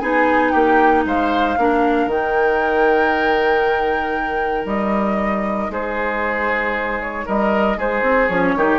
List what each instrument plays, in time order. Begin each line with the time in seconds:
0.00 bassoon B3, clarinet D#4, oboe G#4, flute G#5
0.51 bassoon A#3, oboe G4, flute G5
1.05 bassoon G#3, oboe C5, flute F5
1.57 bassoon A#3, clarinet D4, oboe A#4
2.06 bassoon D#3, clarinet D#4, flute G5
4.66 bassoon G3, flute D#5
5.70 bassoon G#3, oboe G#4, flute C5
7.01 flute C#5
7.26 bassoon G3, oboe A#4, flute D#5
7.77 bassoon G#3, oboe G#4, flute C5
8.02 bassoon C4
8.28 bassoon F3, clarinet C#4, flute C#5
8.56 bassoon D#3, clarinet D#4, oboe G4